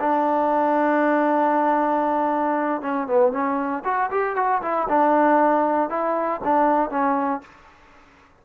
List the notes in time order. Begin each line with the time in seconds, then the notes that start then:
0.00 D4
2.82 C#4
3.07 B3
3.32 C#4
3.85 F#4
4.11 G4
4.36 F#4
4.62 E4
4.89 D4
5.90 E4
6.44 D4
6.90 C#4